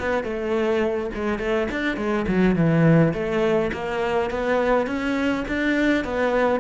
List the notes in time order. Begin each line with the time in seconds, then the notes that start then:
0.00 B3
0.24 A3
1.15 G#3
1.39 A3
1.72 D4
1.97 G#3
2.28 F#3
2.56 E3
3.14 A3
3.73 A#3
4.31 B3
4.87 C#4
5.49 D4
6.05 B3